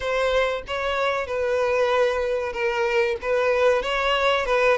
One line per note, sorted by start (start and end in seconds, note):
0.00 0.62 C5
0.67 1.26 C#5
1.26 2.52 B4
2.52 3.16 A#4
3.21 3.82 B4
3.82 4.45 C#5
4.45 4.77 B4